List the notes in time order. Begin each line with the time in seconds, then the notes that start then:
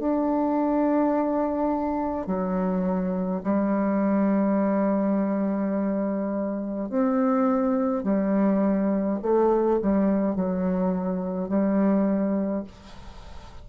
0.00 D4
2.27 F#3
3.44 G3
6.90 C4
8.04 G3
9.23 A3
9.82 G3
10.36 F#3
11.49 G3